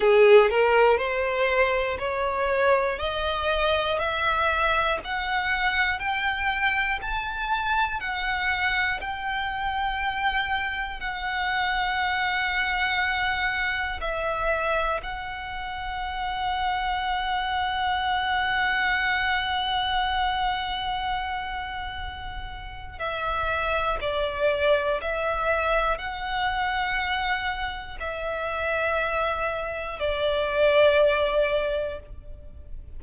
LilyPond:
\new Staff \with { instrumentName = "violin" } { \time 4/4 \tempo 4 = 60 gis'8 ais'8 c''4 cis''4 dis''4 | e''4 fis''4 g''4 a''4 | fis''4 g''2 fis''4~ | fis''2 e''4 fis''4~ |
fis''1~ | fis''2. e''4 | d''4 e''4 fis''2 | e''2 d''2 | }